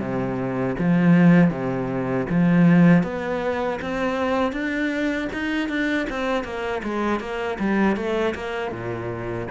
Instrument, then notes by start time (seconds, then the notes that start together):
cello
0.00 C3
0.79 F3
1.51 C3
2.30 F3
3.03 B3
3.82 C4
4.53 D4
5.33 D#4
5.69 D4
6.10 C4
6.45 A#3
6.84 G#3
7.20 A#3
7.59 G3
7.97 A3
8.35 A#3
8.72 A#2